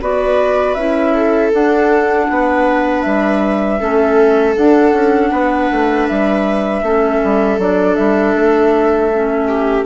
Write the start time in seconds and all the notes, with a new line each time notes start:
0.00 B3 F#4 B4 D5
0.74 C#4 E4 E5
1.14 A4
1.52 D4 F#5
2.29 B3 B4
3.01 G3 E5
3.78 A3 C#4 A4
4.56 D4 F#5
4.92 C#4
5.31 B3 B4
5.70 A3
6.07 G3 E5
6.82 A3 C#4 A4
7.24 G3
7.58 F#3 D4 D5
7.95 G3 E5
8.35 A3
9.12 C#4
9.48 G4